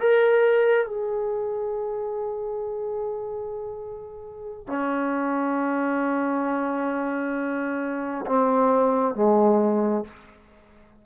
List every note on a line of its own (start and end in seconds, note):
0.00 0.87 A#4
0.87 4.67 G#4
4.67 8.26 C#4
8.26 9.15 C4
9.15 10.05 G#3